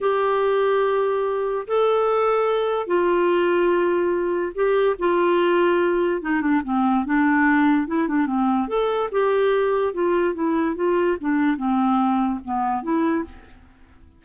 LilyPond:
\new Staff \with { instrumentName = "clarinet" } { \time 4/4 \tempo 4 = 145 g'1 | a'2. f'4~ | f'2. g'4 | f'2. dis'8 d'8 |
c'4 d'2 e'8 d'8 | c'4 a'4 g'2 | f'4 e'4 f'4 d'4 | c'2 b4 e'4 | }